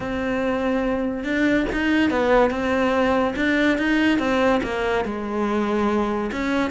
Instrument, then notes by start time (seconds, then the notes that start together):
cello
0.00 C4
1.24 D4
1.72 D#4
2.10 B3
2.50 C4
3.36 D4
3.77 D#4
4.18 C4
4.63 A#3
5.05 G#3
6.31 C#4